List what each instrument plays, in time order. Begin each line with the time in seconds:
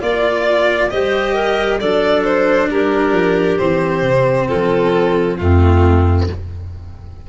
0.00 tuba A#3, cello F4, clarinet D5, violin D5
0.89 tuba G3, cello G4, clarinet C5, violin D#5
1.34 clarinet A#4
1.80 tuba F#3, cello D4, clarinet A4, violin D5
2.24 violin C5
2.69 tuba G3, clarinet G4, violin A#4
3.12 tuba F3
3.58 tuba E3, cello C4, violin C5
4.02 tuba C3
4.47 tuba F3, clarinet F4, violin A4
5.37 tuba F2, cello A3, clarinet C4, violin F4